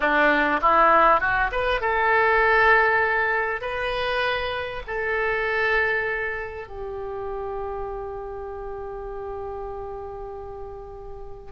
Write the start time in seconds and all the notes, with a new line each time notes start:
0.00 D4
0.61 E4
1.20 F#4
1.51 B4
1.80 A4
3.61 B4
4.87 A4
6.67 G4